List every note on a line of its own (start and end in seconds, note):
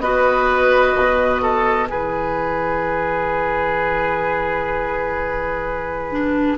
0.00 0.94 B3
0.00 1.90 F#4
0.00 1.42 B4
0.00 1.88 D#5
0.96 1.90 B2
1.42 1.89 A4
1.89 6.57 E3
1.89 6.11 E4
1.89 6.57 G#4
1.89 6.57 B4
6.11 6.57 D4